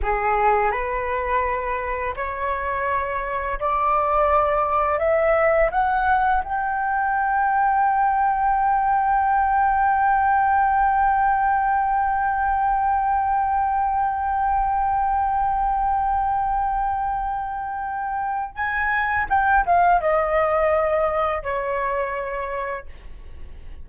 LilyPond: \new Staff \with { instrumentName = "flute" } { \time 4/4 \tempo 4 = 84 gis'4 b'2 cis''4~ | cis''4 d''2 e''4 | fis''4 g''2.~ | g''1~ |
g''1~ | g''1~ | g''2 gis''4 g''8 f''8 | dis''2 cis''2 | }